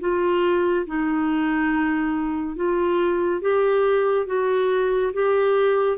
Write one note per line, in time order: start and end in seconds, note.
0.00 0.86 F4
0.86 2.56 D#4
2.56 3.41 F4
3.41 4.27 G4
4.27 5.12 F#4
5.13 5.98 G4